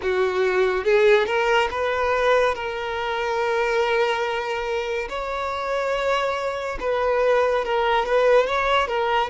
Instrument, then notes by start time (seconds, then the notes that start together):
violin
0.02 F#4
0.84 G#4
1.26 A#4
1.71 B4
2.54 A#4
5.09 C#5
6.80 B4
7.64 A#4
8.05 B4
8.46 C#5
8.87 A#4